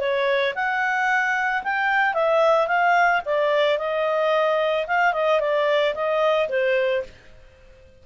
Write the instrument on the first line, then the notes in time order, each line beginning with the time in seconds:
clarinet
0.00 C#5
0.55 F#5
1.64 G5
2.14 E5
2.68 F5
3.26 D5
3.78 D#5
4.87 F5
5.14 D#5
5.41 D5
5.95 D#5
6.49 C5